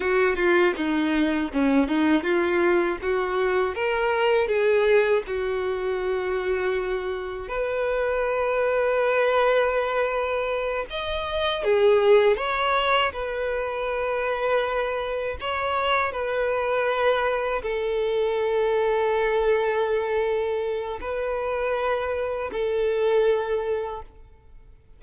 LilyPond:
\new Staff \with { instrumentName = "violin" } { \time 4/4 \tempo 4 = 80 fis'8 f'8 dis'4 cis'8 dis'8 f'4 | fis'4 ais'4 gis'4 fis'4~ | fis'2 b'2~ | b'2~ b'8 dis''4 gis'8~ |
gis'8 cis''4 b'2~ b'8~ | b'8 cis''4 b'2 a'8~ | a'1 | b'2 a'2 | }